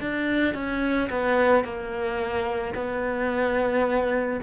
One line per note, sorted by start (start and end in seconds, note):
0.00 0.54 D4
0.54 1.09 C#4
1.10 1.64 B3
1.64 2.74 A#3
2.74 4.39 B3